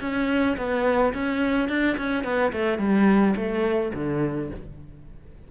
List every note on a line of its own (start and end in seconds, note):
0.00 0.56 C#4
0.57 1.13 B3
1.13 1.68 C#4
1.68 1.97 D4
1.97 2.24 C#4
2.24 2.52 B3
2.52 2.78 A3
2.78 3.34 G3
3.35 3.92 A3
3.94 4.50 D3